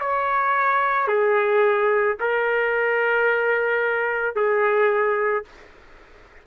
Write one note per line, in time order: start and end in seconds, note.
0.00 1.08 C#5
1.08 2.17 G#4
2.20 4.36 A#4
4.36 5.45 G#4